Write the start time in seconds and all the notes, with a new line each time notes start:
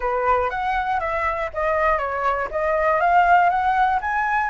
0.00 B4
0.50 F#5
1.00 E5
1.53 D#5
1.98 C#5
2.50 D#5
3.00 F5
3.49 F#5
4.01 G#5